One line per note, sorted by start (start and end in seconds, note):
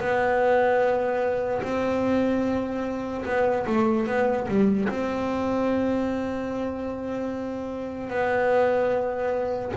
0.00 1.62 B3
1.63 3.25 C4
3.25 3.66 B3
3.67 4.07 A3
4.07 4.47 B3
4.48 4.89 G3
4.89 8.10 C4
8.10 9.72 B3